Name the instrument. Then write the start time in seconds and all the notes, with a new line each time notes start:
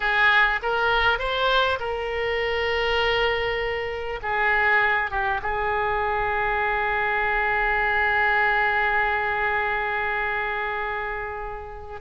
oboe
0.00 G#4
0.62 A#4
1.18 C5
1.79 A#4
4.22 G#4
5.10 G4
5.42 G#4